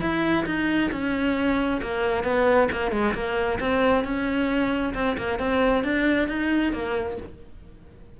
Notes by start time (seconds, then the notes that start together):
0.00 E4
0.45 D#4
0.91 C#4
1.81 A#3
2.23 B3
2.72 A#3
2.91 G#3
3.14 A#3
3.59 C4
4.04 C#4
4.94 C4
5.17 A#3
5.39 C4
5.83 D4
6.28 D#4
6.72 A#3